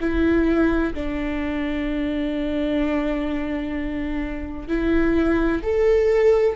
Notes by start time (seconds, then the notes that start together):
0.00 E4
0.94 D4
4.68 E4
5.62 A4